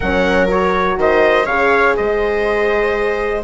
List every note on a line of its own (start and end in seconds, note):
0.00 0.96 F#3
0.00 0.47 C#4
0.00 0.97 A#4
0.00 0.47 F#5
0.47 1.45 F#4
0.47 0.99 C#5
0.96 1.45 D#3
0.96 1.45 C5
0.96 1.46 D#5
1.45 1.95 C#3
1.45 3.44 G#4
1.45 1.94 C#5
1.45 1.95 F5
1.96 3.44 G#3
1.96 3.43 C5
1.96 3.44 D#5